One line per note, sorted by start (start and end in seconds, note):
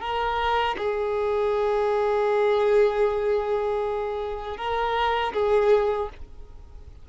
0.00 0.76 A#4
0.78 4.57 G#4
4.57 5.33 A#4
5.33 6.09 G#4